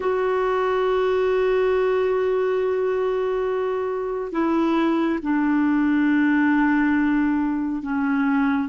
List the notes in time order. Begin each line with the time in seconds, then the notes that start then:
0.00 F#4
4.32 E4
5.22 D4
7.82 C#4